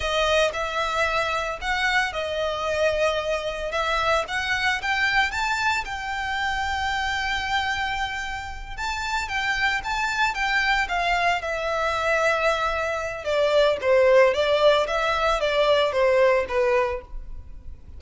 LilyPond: \new Staff \with { instrumentName = "violin" } { \time 4/4 \tempo 4 = 113 dis''4 e''2 fis''4 | dis''2. e''4 | fis''4 g''4 a''4 g''4~ | g''1~ |
g''8 a''4 g''4 a''4 g''8~ | g''8 f''4 e''2~ e''8~ | e''4 d''4 c''4 d''4 | e''4 d''4 c''4 b'4 | }